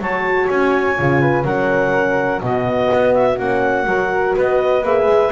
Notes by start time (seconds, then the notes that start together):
0.00 F#3 F#4 C#5 A5
0.48 C#4 G#5
0.97 C#3 F4
1.21 B4
1.45 F#3 C#4 A#4 F#5
2.42 B2 B3 F#4 D#5
2.93 B3
3.14 E5
3.37 A#3 C#4 F#5
3.86 F#3 F#4 A#4
4.36 B3 B4 D#5
4.82 A#3 G#4 E5
5.06 G#3